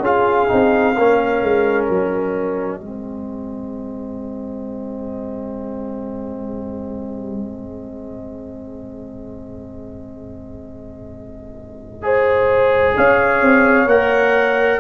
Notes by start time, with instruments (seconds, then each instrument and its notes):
0.00 tuba C#4, trombone F4, horn G#4, trumpet F5
0.48 tuba C4, trombone D#4
0.98 tuba A#3, trombone C#4, horn A#4
1.43 tuba G#3
1.86 tuba F#3, trumpet D#5
2.80 tuba G#3, trombone C4, horn G#4
12.02 trombone G#4, horn C5
12.97 tuba C#4, horn C#5, trumpet F5
13.42 tuba C4
13.86 tuba A#3, trombone A#4, trumpet F#5